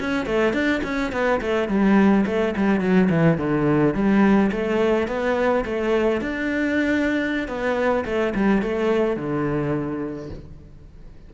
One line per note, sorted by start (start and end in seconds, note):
0.00 0.26 C#4
0.26 0.53 A3
0.53 0.81 D4
0.84 1.12 C#4
1.12 1.40 B3
1.41 1.69 A3
1.69 2.25 G3
2.26 2.54 A3
2.57 2.80 G3
2.80 3.09 F#3
3.10 3.38 E3
3.38 3.94 D3
3.94 4.51 G3
4.52 5.08 A3
5.08 5.64 B3
5.65 6.21 A3
6.21 7.48 D4
7.48 8.05 B3
8.05 8.34 A3
8.35 8.62 G3
8.62 9.16 A3
9.16 10.30 D3